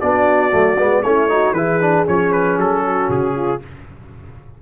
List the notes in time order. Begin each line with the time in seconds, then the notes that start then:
0.00 B3 D4 F#4 D5
0.51 F#3 A3
0.78 G#3 B3
1.02 A3 C#4 E4 C#5
1.29 D#4 F#4
1.51 E3 E4 G#4 B4
1.81 D4
2.06 F3 C#4 C#5
2.32 B4
2.57 F#3 A4
2.85 F#4
3.09 C#3 G#4
3.35 F4